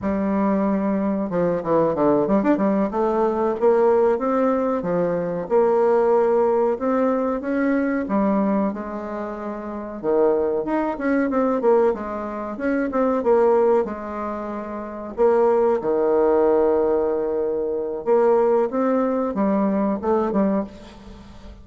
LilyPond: \new Staff \with { instrumentName = "bassoon" } { \time 4/4 \tempo 4 = 93 g2 f8 e8 d8 g16 d'16 | g8 a4 ais4 c'4 f8~ | f8 ais2 c'4 cis'8~ | cis'8 g4 gis2 dis8~ |
dis8 dis'8 cis'8 c'8 ais8 gis4 cis'8 | c'8 ais4 gis2 ais8~ | ais8 dis2.~ dis8 | ais4 c'4 g4 a8 g8 | }